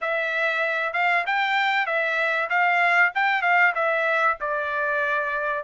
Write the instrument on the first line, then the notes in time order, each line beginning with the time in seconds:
trumpet
0.01 E5
0.93 F5
1.26 G5
1.86 E5
2.49 F5
3.14 G5
3.41 F5
3.74 E5
4.40 D5